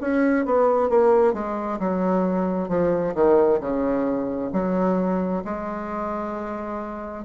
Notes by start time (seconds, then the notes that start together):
0.00 C#4
0.45 B3
0.89 A#3
1.33 G#3
1.79 F#3
2.68 F3
3.14 D#3
3.60 C#3
4.52 F#3
5.44 G#3